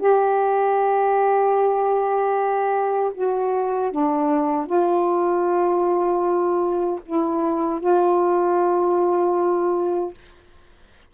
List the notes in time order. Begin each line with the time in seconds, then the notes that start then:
0.00 G4
3.15 F#4
3.92 D4
4.66 F4
7.06 E4
7.80 F4